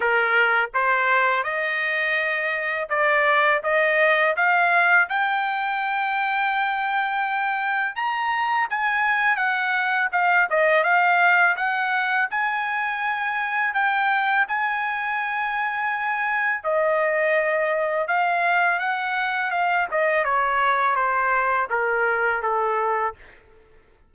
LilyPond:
\new Staff \with { instrumentName = "trumpet" } { \time 4/4 \tempo 4 = 83 ais'4 c''4 dis''2 | d''4 dis''4 f''4 g''4~ | g''2. ais''4 | gis''4 fis''4 f''8 dis''8 f''4 |
fis''4 gis''2 g''4 | gis''2. dis''4~ | dis''4 f''4 fis''4 f''8 dis''8 | cis''4 c''4 ais'4 a'4 | }